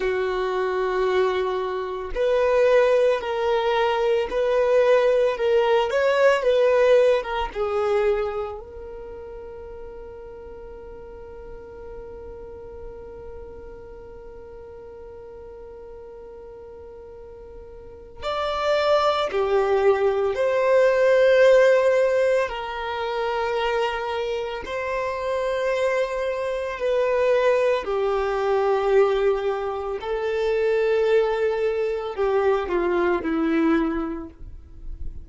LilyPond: \new Staff \with { instrumentName = "violin" } { \time 4/4 \tempo 4 = 56 fis'2 b'4 ais'4 | b'4 ais'8 cis''8 b'8. ais'16 gis'4 | ais'1~ | ais'1~ |
ais'4 d''4 g'4 c''4~ | c''4 ais'2 c''4~ | c''4 b'4 g'2 | a'2 g'8 f'8 e'4 | }